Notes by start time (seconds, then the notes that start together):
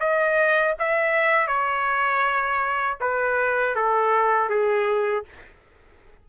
0.00 D#5
0.79 E5
1.48 C#5
3.01 B4
3.76 A4
4.50 G#4